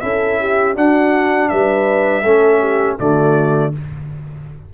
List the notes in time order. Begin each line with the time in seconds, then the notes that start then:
0.00 C#4 E4 A4 E5
0.40 G4
0.75 D4 F#4 F#5
1.49 G3 B4 E5
2.23 A3 C#4 A4
2.60 G4
2.98 D3 A3 F#4 D5